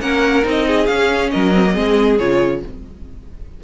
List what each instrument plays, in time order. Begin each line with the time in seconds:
0.00 cello A#3, viola C#4, violin A#4 F#5
0.43 cello C4, viola D#4, violin D#5
0.66 violin G#4
0.86 cello C#4, viola C#4, violin F5
1.30 cello F#3, violin A#4 D#5
1.54 viola C4
1.65 viola A#3
1.73 cello G#3, viola C4, violin G#4
2.18 cello C#3, viola F4, violin C#5